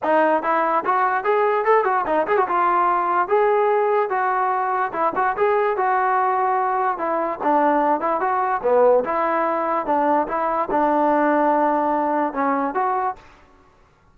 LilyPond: \new Staff \with { instrumentName = "trombone" } { \time 4/4 \tempo 4 = 146 dis'4 e'4 fis'4 gis'4 | a'8 fis'8 dis'8 gis'16 fis'16 f'2 | gis'2 fis'2 | e'8 fis'8 gis'4 fis'2~ |
fis'4 e'4 d'4. e'8 | fis'4 b4 e'2 | d'4 e'4 d'2~ | d'2 cis'4 fis'4 | }